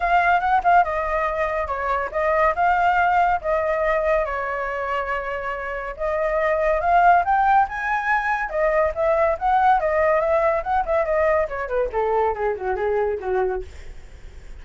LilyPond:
\new Staff \with { instrumentName = "flute" } { \time 4/4 \tempo 4 = 141 f''4 fis''8 f''8 dis''2 | cis''4 dis''4 f''2 | dis''2 cis''2~ | cis''2 dis''2 |
f''4 g''4 gis''2 | dis''4 e''4 fis''4 dis''4 | e''4 fis''8 e''8 dis''4 cis''8 b'8 | a'4 gis'8 fis'8 gis'4 fis'4 | }